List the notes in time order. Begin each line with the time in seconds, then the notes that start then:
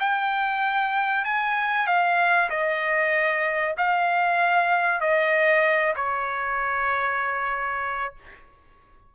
0.00 G5
1.25 G#5
1.87 F5
2.50 D#5
3.78 F5
5.01 D#5
5.96 C#5